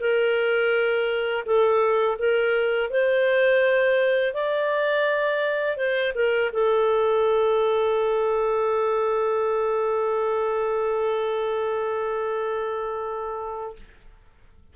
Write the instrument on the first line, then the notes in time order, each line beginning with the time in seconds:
clarinet
0.00 A#4
1.46 A4
2.19 A#4
2.90 C5
4.34 D5
5.77 C5
6.15 A#4
6.53 A4